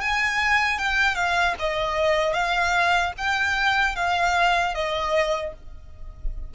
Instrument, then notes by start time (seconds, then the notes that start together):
violin
0.00 G#5
0.78 G5
1.15 F5
1.59 D#5
2.34 F5
3.18 G5
3.95 F5
4.74 D#5